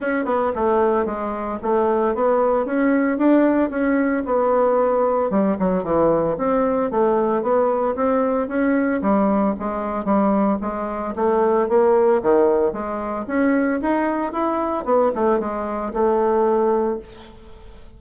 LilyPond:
\new Staff \with { instrumentName = "bassoon" } { \time 4/4 \tempo 4 = 113 cis'8 b8 a4 gis4 a4 | b4 cis'4 d'4 cis'4 | b2 g8 fis8 e4 | c'4 a4 b4 c'4 |
cis'4 g4 gis4 g4 | gis4 a4 ais4 dis4 | gis4 cis'4 dis'4 e'4 | b8 a8 gis4 a2 | }